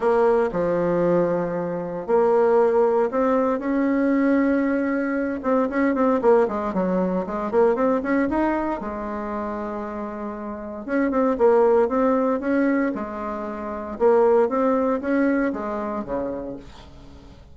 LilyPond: \new Staff \with { instrumentName = "bassoon" } { \time 4/4 \tempo 4 = 116 ais4 f2. | ais2 c'4 cis'4~ | cis'2~ cis'8 c'8 cis'8 c'8 | ais8 gis8 fis4 gis8 ais8 c'8 cis'8 |
dis'4 gis2.~ | gis4 cis'8 c'8 ais4 c'4 | cis'4 gis2 ais4 | c'4 cis'4 gis4 cis4 | }